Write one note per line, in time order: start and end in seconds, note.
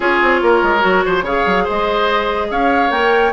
0.00 0.21 C#4
0.00 0.79 F4
0.00 0.40 G#4
0.00 1.25 C#5
0.21 0.42 C4
0.42 0.62 A#3
0.42 1.05 A#4
0.62 0.83 G#3
0.79 1.04 F#3
0.79 1.21 F#4
1.05 1.22 F3
1.05 1.24 C5
1.22 1.42 C#3
1.22 2.90 G#4
1.22 1.64 C#5
1.22 1.67 F5
1.46 1.67 F#3
1.64 2.50 G#3
1.64 2.47 C5
1.64 2.51 D#5
2.50 2.90 C#4
2.50 3.33 C#5
2.50 2.91 F5
2.90 3.32 A#3
2.90 3.32 A#4
2.90 3.32 G5